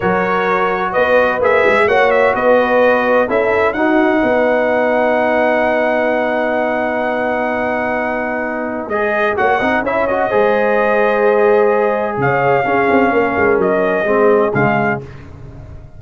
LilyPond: <<
  \new Staff \with { instrumentName = "trumpet" } { \time 4/4 \tempo 4 = 128 cis''2 dis''4 e''4 | fis''8 e''8 dis''2 e''4 | fis''1~ | fis''1~ |
fis''2. dis''4 | fis''4 e''8 dis''2~ dis''8~ | dis''2 f''2~ | f''4 dis''2 f''4 | }
  \new Staff \with { instrumentName = "horn" } { \time 4/4 ais'2 b'2 | cis''4 b'2 a'4 | fis'4 b'2.~ | b'1~ |
b'1 | cis''8 dis''8 cis''4 c''2~ | c''2 cis''4 gis'4 | ais'2 gis'2 | }
  \new Staff \with { instrumentName = "trombone" } { \time 4/4 fis'2. gis'4 | fis'2. e'4 | dis'1~ | dis'1~ |
dis'2. gis'4 | fis'8 dis'8 e'8 fis'8 gis'2~ | gis'2. cis'4~ | cis'2 c'4 gis4 | }
  \new Staff \with { instrumentName = "tuba" } { \time 4/4 fis2 b4 ais8 gis8 | ais4 b2 cis'4 | dis'4 b2.~ | b1~ |
b2. gis4 | ais8 c'8 cis'4 gis2~ | gis2 cis4 cis'8 c'8 | ais8 gis8 fis4 gis4 cis4 | }
>>